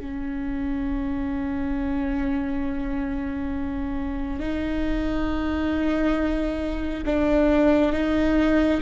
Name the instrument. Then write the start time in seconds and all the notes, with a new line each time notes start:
viola
0.00 C#4
4.40 D#4
7.06 D4
7.93 D#4